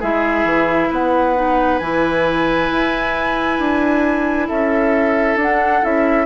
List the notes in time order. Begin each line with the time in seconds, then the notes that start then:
0.00 G#3 E4 G#4 E5
0.44 E3
0.90 B3 B4 F#5
1.35 D#4
1.79 E3 E4 G#5
2.72 E4
3.59 D4
4.48 C#4 A4 E5
5.36 D4 F#5
5.83 C#4 E4 E5